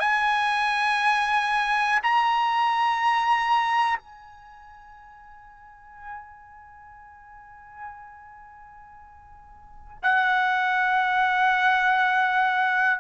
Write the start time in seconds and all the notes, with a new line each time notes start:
0.00 G#5
2.03 A#5
3.98 G#5
10.03 F#5